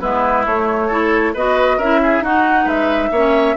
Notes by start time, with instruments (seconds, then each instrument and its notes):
0.00 bassoon G#3, clarinet B3, oboe E4, flute B4
0.45 bassoon A3, clarinet A3, flute C#5
0.87 clarinet E4, oboe A4
1.34 bassoon B3, clarinet F#4, oboe B4, flute D#5
1.77 bassoon C#4, clarinet E4, oboe A#4, flute E5
2.02 oboe G#4
2.20 bassoon D#4, clarinet D#4, oboe F#4, flute F#5
2.64 bassoon G#3, oboe B4, flute E5
3.11 bassoon A#3, clarinet C#4, oboe C#5